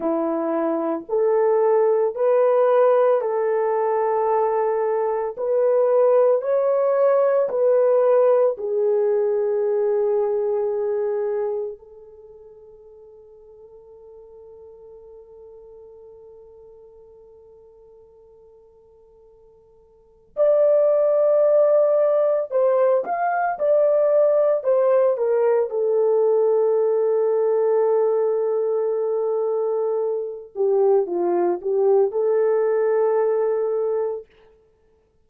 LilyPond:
\new Staff \with { instrumentName = "horn" } { \time 4/4 \tempo 4 = 56 e'4 a'4 b'4 a'4~ | a'4 b'4 cis''4 b'4 | gis'2. a'4~ | a'1~ |
a'2. d''4~ | d''4 c''8 f''8 d''4 c''8 ais'8 | a'1~ | a'8 g'8 f'8 g'8 a'2 | }